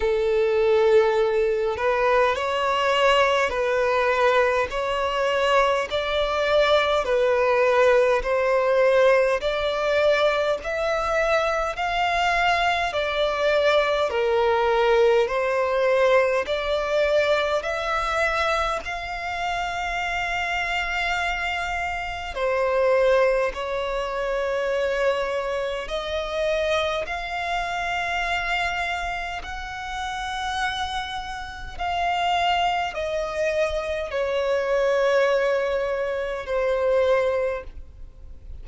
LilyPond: \new Staff \with { instrumentName = "violin" } { \time 4/4 \tempo 4 = 51 a'4. b'8 cis''4 b'4 | cis''4 d''4 b'4 c''4 | d''4 e''4 f''4 d''4 | ais'4 c''4 d''4 e''4 |
f''2. c''4 | cis''2 dis''4 f''4~ | f''4 fis''2 f''4 | dis''4 cis''2 c''4 | }